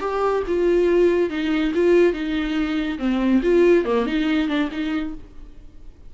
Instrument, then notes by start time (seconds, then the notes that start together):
viola
0.00 G4
0.47 F4
1.29 D#4
1.74 F4
2.13 D#4
2.98 C4
3.42 F4
3.85 A#3
4.06 D#4
4.48 D4
4.71 D#4